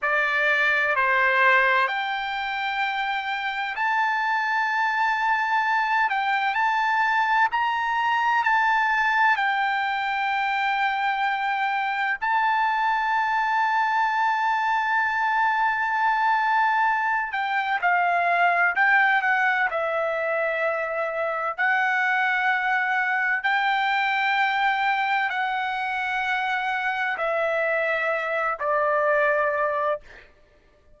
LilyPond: \new Staff \with { instrumentName = "trumpet" } { \time 4/4 \tempo 4 = 64 d''4 c''4 g''2 | a''2~ a''8 g''8 a''4 | ais''4 a''4 g''2~ | g''4 a''2.~ |
a''2~ a''8 g''8 f''4 | g''8 fis''8 e''2 fis''4~ | fis''4 g''2 fis''4~ | fis''4 e''4. d''4. | }